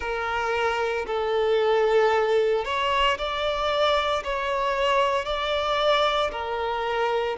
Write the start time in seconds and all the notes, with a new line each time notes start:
0.00 A#4
1.06 A4
2.65 C#5
3.18 D5
4.23 C#5
5.25 D5
6.31 A#4